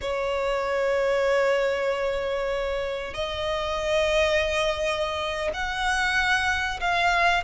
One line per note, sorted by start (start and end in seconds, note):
0.01 3.14 C#5
3.14 5.51 D#5
5.53 6.80 F#5
6.80 7.43 F5